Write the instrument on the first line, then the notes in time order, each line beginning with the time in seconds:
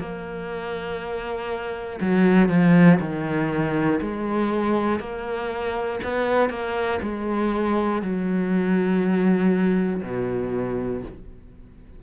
cello
0.00 A#3
2.01 F#3
2.49 F3
3.00 D#3
4.01 G#3
5.00 A#3
6.04 B3
6.50 A#3
7.02 G#3
8.02 F#3
10.03 B2